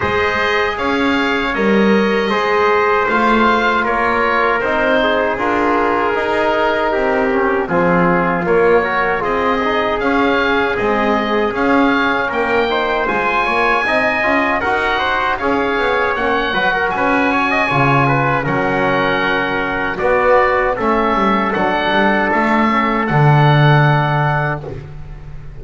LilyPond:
<<
  \new Staff \with { instrumentName = "oboe" } { \time 4/4 \tempo 4 = 78 dis''4 f''4 dis''2 | f''4 cis''4 c''4 ais'4~ | ais'2 gis'4 cis''4 | dis''4 f''4 dis''4 f''4 |
g''4 gis''2 fis''4 | f''4 fis''4 gis''2 | fis''2 d''4 e''4 | fis''4 e''4 fis''2 | }
  \new Staff \with { instrumentName = "trumpet" } { \time 4/4 c''4 cis''2 c''4~ | c''4 ais'4. gis'4.~ | gis'4 g'4 f'4. ais'8 | gis'1 |
ais'8 c''4 cis''8 dis''4 ais'8 c''8 | cis''4. b'16 ais'16 b'8 cis''16 dis''16 cis''8 b'8 | ais'2 fis'4 a'4~ | a'1 | }
  \new Staff \with { instrumentName = "trombone" } { \time 4/4 gis'2 ais'4 gis'4 | f'2 dis'4 f'4 | dis'4. cis'8 c'4 ais8 fis'8 | f'8 dis'8 cis'4 gis4 cis'4~ |
cis'8 dis'8 f'4 dis'8 f'8 fis'4 | gis'4 cis'8 fis'4. f'4 | cis'2 b4 cis'4 | d'4. cis'8 d'2 | }
  \new Staff \with { instrumentName = "double bass" } { \time 4/4 gis4 cis'4 g4 gis4 | a4 ais4 c'4 d'4 | dis'4 c'4 f4 ais4 | c'4 cis'4 c'4 cis'4 |
ais4 gis8 ais8 c'8 cis'8 dis'4 | cis'8 b8 ais8 fis8 cis'4 cis4 | fis2 b4 a8 g8 | fis8 g8 a4 d2 | }
>>